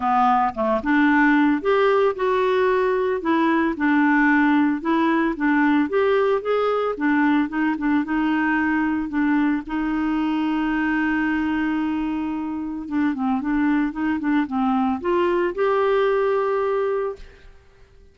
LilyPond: \new Staff \with { instrumentName = "clarinet" } { \time 4/4 \tempo 4 = 112 b4 a8 d'4. g'4 | fis'2 e'4 d'4~ | d'4 e'4 d'4 g'4 | gis'4 d'4 dis'8 d'8 dis'4~ |
dis'4 d'4 dis'2~ | dis'1 | d'8 c'8 d'4 dis'8 d'8 c'4 | f'4 g'2. | }